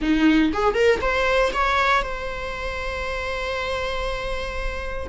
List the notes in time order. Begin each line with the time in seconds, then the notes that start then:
0.01 D#4
0.53 G#4
0.74 A#4
1.01 C5
1.53 C#5
2.02 C5